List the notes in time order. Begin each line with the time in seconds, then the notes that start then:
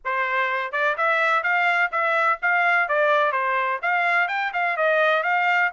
0.05 C5
0.72 D5
0.97 E5
1.43 F5
1.91 E5
2.42 F5
2.88 D5
3.32 C5
3.81 F5
4.28 G5
4.53 F5
4.76 D#5
5.23 F5